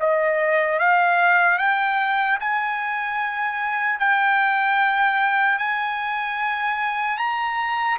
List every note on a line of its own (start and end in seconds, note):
0.00 0.79 D#5
0.79 1.58 F5
1.58 2.38 G5
2.40 3.99 G#5
3.99 5.58 G5
5.58 7.17 G#5
7.17 7.97 A#5